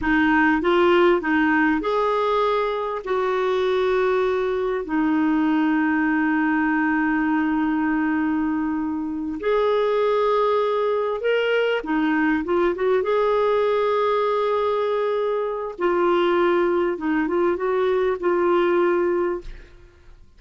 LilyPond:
\new Staff \with { instrumentName = "clarinet" } { \time 4/4 \tempo 4 = 99 dis'4 f'4 dis'4 gis'4~ | gis'4 fis'2. | dis'1~ | dis'2.~ dis'8 gis'8~ |
gis'2~ gis'8 ais'4 dis'8~ | dis'8 f'8 fis'8 gis'2~ gis'8~ | gis'2 f'2 | dis'8 f'8 fis'4 f'2 | }